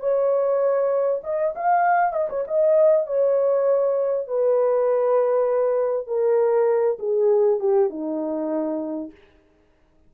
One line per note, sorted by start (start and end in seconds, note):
0.00 1.21 C#5
1.23 1.54 D#5
1.55 2.13 F5
2.13 2.28 D#5
2.29 2.45 C#5
2.47 3.06 D#5
3.06 4.28 C#5
4.28 6.07 B4
6.07 6.98 A#4
6.99 7.60 G#4
7.60 7.90 G4
7.90 9.11 D#4